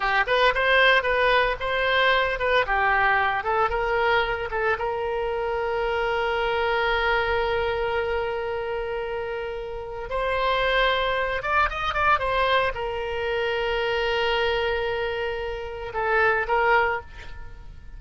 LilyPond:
\new Staff \with { instrumentName = "oboe" } { \time 4/4 \tempo 4 = 113 g'8 b'8 c''4 b'4 c''4~ | c''8 b'8 g'4. a'8 ais'4~ | ais'8 a'8 ais'2.~ | ais'1~ |
ais'2. c''4~ | c''4. d''8 dis''8 d''8 c''4 | ais'1~ | ais'2 a'4 ais'4 | }